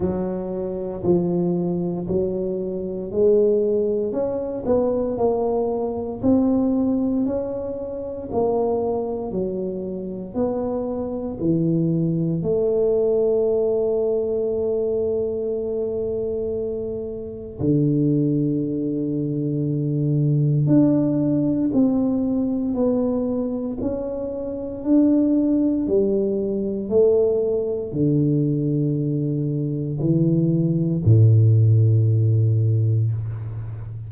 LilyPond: \new Staff \with { instrumentName = "tuba" } { \time 4/4 \tempo 4 = 58 fis4 f4 fis4 gis4 | cis'8 b8 ais4 c'4 cis'4 | ais4 fis4 b4 e4 | a1~ |
a4 d2. | d'4 c'4 b4 cis'4 | d'4 g4 a4 d4~ | d4 e4 a,2 | }